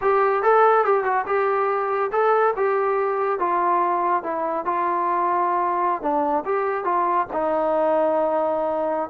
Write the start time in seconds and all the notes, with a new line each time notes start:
0.01 G4
0.42 A4
0.84 G4
1.04 F#4
1.26 G4
2.11 A4
2.56 G4
3.39 F4
4.23 E4
4.65 F4
6.01 D4
6.45 G4
6.84 F4
7.32 D#4